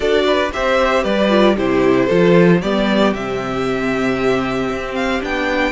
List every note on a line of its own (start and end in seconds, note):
0.00 0.51 D4
0.00 0.49 F#4
0.00 0.24 A4
0.00 0.51 D5
0.26 0.52 B4
0.52 1.04 C4
0.52 1.29 G4
0.52 1.03 C5
0.52 1.04 E5
1.03 1.56 G3
1.03 1.55 B4
1.03 1.56 D5
1.29 1.55 F4
1.56 2.09 C3
1.56 2.09 E4
1.56 2.06 G4
1.56 2.61 C5
2.06 2.62 F3
2.06 2.61 F4
2.06 2.58 A4
2.61 3.14 G3
2.61 3.15 B3
2.61 5.71 G4
2.61 3.13 D5
3.14 4.69 C3
3.14 5.21 C4
3.14 4.94 E5
4.69 5.21 C4
4.94 5.21 F5
5.21 5.71 B3
5.21 5.71 D4
5.21 5.71 G5